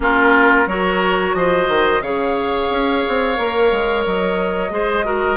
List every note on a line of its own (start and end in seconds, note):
0.00 0.66 A#3
0.00 0.67 C#4
0.00 0.68 F4
0.00 0.67 A#4
0.66 1.33 F#3
0.66 2.03 F#4
0.66 1.35 A#4
0.66 1.34 C#5
1.34 1.68 F3
1.34 2.02 C5
1.34 2.01 D#5
1.68 2.01 D#3
2.01 2.68 C#3
2.01 3.36 G#4
2.01 4.72 C#5
2.01 4.04 F5
2.70 3.03 C#4
3.07 3.37 C4
3.36 3.71 A#3
3.36 4.70 A#4
3.71 4.05 G#3
4.04 4.70 F#3
4.04 5.37 D#5
4.70 5.37 G#3
4.70 5.03 G#4
4.70 5.05 C5
5.04 5.37 F#4
5.04 5.37 A#4